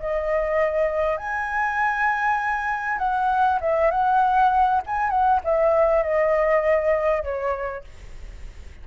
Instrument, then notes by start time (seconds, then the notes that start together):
flute
0.00 D#5
1.18 G#5
2.99 F#5
3.61 E5
3.91 F#5
4.87 G#5
5.10 F#5
5.44 E5
6.03 D#5
7.24 C#5